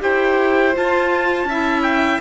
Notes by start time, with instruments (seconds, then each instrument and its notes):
0.00 cello E4, clarinet G4, violin C5, trumpet G5
0.73 clarinet F4, cello F4, trumpet A5
1.44 cello C#4, violin E5
1.51 clarinet E4
1.82 trumpet G5